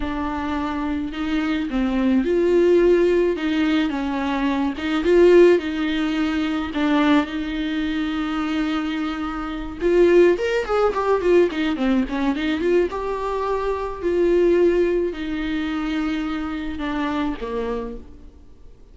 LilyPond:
\new Staff \with { instrumentName = "viola" } { \time 4/4 \tempo 4 = 107 d'2 dis'4 c'4 | f'2 dis'4 cis'4~ | cis'8 dis'8 f'4 dis'2 | d'4 dis'2.~ |
dis'4. f'4 ais'8 gis'8 g'8 | f'8 dis'8 c'8 cis'8 dis'8 f'8 g'4~ | g'4 f'2 dis'4~ | dis'2 d'4 ais4 | }